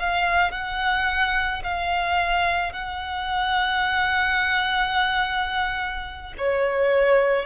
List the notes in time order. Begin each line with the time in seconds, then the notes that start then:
0.00 F5
0.52 F#5
1.64 F5
2.73 F#5
6.38 C#5